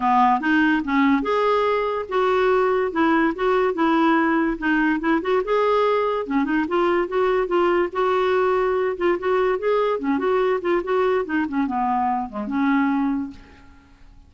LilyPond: \new Staff \with { instrumentName = "clarinet" } { \time 4/4 \tempo 4 = 144 b4 dis'4 cis'4 gis'4~ | gis'4 fis'2 e'4 | fis'4 e'2 dis'4 | e'8 fis'8 gis'2 cis'8 dis'8 |
f'4 fis'4 f'4 fis'4~ | fis'4. f'8 fis'4 gis'4 | cis'8 fis'4 f'8 fis'4 dis'8 cis'8 | b4. gis8 cis'2 | }